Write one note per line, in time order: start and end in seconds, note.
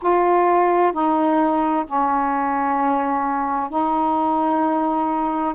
0.02 0.92 F4
0.92 1.85 D#4
1.86 3.69 C#4
3.69 5.54 D#4